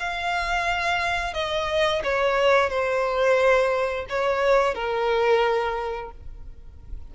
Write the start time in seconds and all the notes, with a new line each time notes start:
0.00 F5
1.34 D#5
2.04 C#5
2.70 C5
4.10 C#5
4.75 A#4